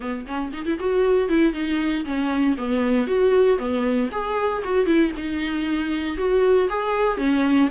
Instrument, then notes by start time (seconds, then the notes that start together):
viola
0.00 B3
0.26 C#4
0.52 D#4
0.65 E4
0.79 F#4
1.28 E4
1.53 D#4
2.05 C#4
2.57 B3
3.07 F#4
3.58 B3
4.11 G#4
4.63 F#4
4.86 E4
5.17 D#4
6.17 F#4
6.69 G#4
7.17 C#4